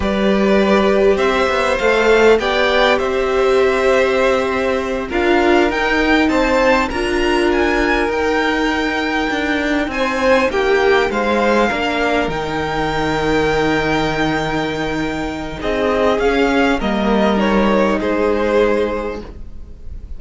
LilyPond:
<<
  \new Staff \with { instrumentName = "violin" } { \time 4/4 \tempo 4 = 100 d''2 e''4 f''4 | g''4 e''2.~ | e''8 f''4 g''4 a''4 ais''8~ | ais''8 gis''4 g''2~ g''8~ |
g''8 gis''4 g''4 f''4.~ | f''8 g''2.~ g''8~ | g''2 dis''4 f''4 | dis''4 cis''4 c''2 | }
  \new Staff \with { instrumentName = "violin" } { \time 4/4 b'2 c''2 | d''4 c''2.~ | c''8 ais'2 c''4 ais'8~ | ais'1~ |
ais'8 c''4 g'4 c''4 ais'8~ | ais'1~ | ais'2 gis'2 | ais'2 gis'2 | }
  \new Staff \with { instrumentName = "viola" } { \time 4/4 g'2. a'4 | g'1~ | g'8 f'4 dis'2 f'8~ | f'4. dis'2~ dis'8~ |
dis'2.~ dis'8 d'8~ | d'8 dis'2.~ dis'8~ | dis'2. cis'4 | ais4 dis'2. | }
  \new Staff \with { instrumentName = "cello" } { \time 4/4 g2 c'8 b8 a4 | b4 c'2.~ | c'8 d'4 dis'4 c'4 d'8~ | d'4. dis'2 d'8~ |
d'8 c'4 ais4 gis4 ais8~ | ais8 dis2.~ dis8~ | dis2 c'4 cis'4 | g2 gis2 | }
>>